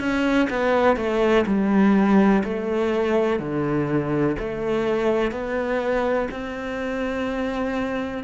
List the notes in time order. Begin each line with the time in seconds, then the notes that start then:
0.00 C#4
0.50 B3
0.96 A3
1.46 G3
2.44 A3
3.40 D3
4.39 A3
5.31 B3
6.31 C4